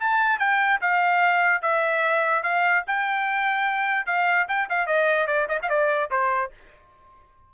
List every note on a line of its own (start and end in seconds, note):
0.00 0.40 A5
0.40 0.80 G5
0.82 1.62 F5
1.62 2.43 E5
2.43 2.84 F5
2.88 4.07 G5
4.07 4.47 F5
4.49 4.69 G5
4.70 4.87 F5
4.87 5.27 D#5
5.27 5.48 D5
5.49 5.59 D#5
5.63 5.70 F5
5.70 6.10 D5
6.11 6.52 C5